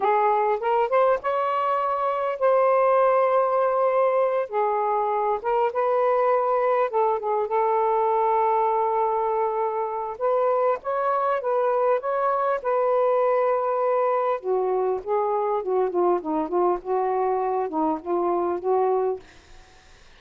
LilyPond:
\new Staff \with { instrumentName = "saxophone" } { \time 4/4 \tempo 4 = 100 gis'4 ais'8 c''8 cis''2 | c''2.~ c''8 gis'8~ | gis'4 ais'8 b'2 a'8 | gis'8 a'2.~ a'8~ |
a'4 b'4 cis''4 b'4 | cis''4 b'2. | fis'4 gis'4 fis'8 f'8 dis'8 f'8 | fis'4. dis'8 f'4 fis'4 | }